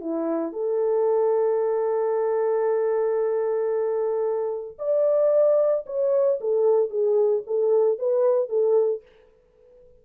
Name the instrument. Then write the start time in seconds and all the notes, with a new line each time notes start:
horn
0.00 E4
0.52 A4
4.78 D5
5.86 C#5
6.40 A4
6.89 G#4
7.46 A4
7.98 B4
8.49 A4